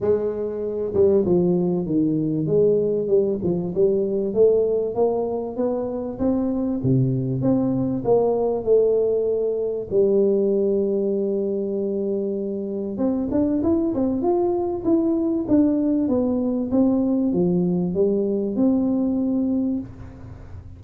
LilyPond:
\new Staff \with { instrumentName = "tuba" } { \time 4/4 \tempo 4 = 97 gis4. g8 f4 dis4 | gis4 g8 f8 g4 a4 | ais4 b4 c'4 c4 | c'4 ais4 a2 |
g1~ | g4 c'8 d'8 e'8 c'8 f'4 | e'4 d'4 b4 c'4 | f4 g4 c'2 | }